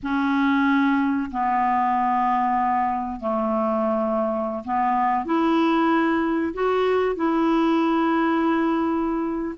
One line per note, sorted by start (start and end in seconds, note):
0.03 1.30 C#4
1.31 3.19 B3
3.19 4.63 A3
4.64 5.25 B3
5.25 6.53 E4
6.53 7.15 F#4
7.15 9.55 E4